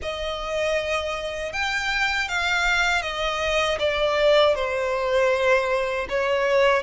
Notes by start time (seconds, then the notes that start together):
0.01 D#5
1.53 G5
2.28 F5
3.02 D#5
3.79 D5
4.55 C5
6.09 C#5